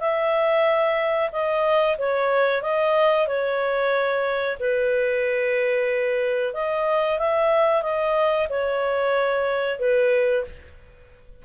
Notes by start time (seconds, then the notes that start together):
0.00 E5
1.33 D#5
1.98 C#5
2.62 D#5
3.27 C#5
4.60 B4
6.54 D#5
7.19 E5
7.83 D#5
8.49 C#5
9.79 B4